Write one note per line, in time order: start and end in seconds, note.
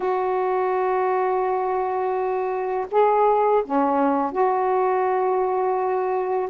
0.00 2.86 F#4
2.91 3.63 G#4
3.65 4.32 C#4
4.32 6.49 F#4